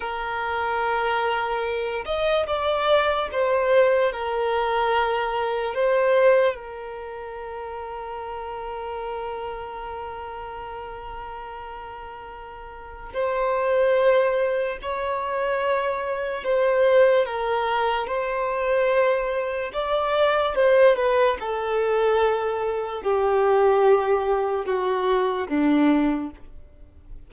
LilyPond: \new Staff \with { instrumentName = "violin" } { \time 4/4 \tempo 4 = 73 ais'2~ ais'8 dis''8 d''4 | c''4 ais'2 c''4 | ais'1~ | ais'1 |
c''2 cis''2 | c''4 ais'4 c''2 | d''4 c''8 b'8 a'2 | g'2 fis'4 d'4 | }